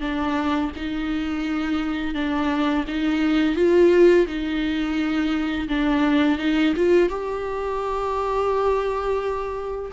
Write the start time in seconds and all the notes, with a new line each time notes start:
0.00 D4
0.76 D#4
2.14 D4
2.87 D#4
3.56 F4
4.26 D#4
5.68 D4
6.38 D#4
6.76 F4
7.09 G4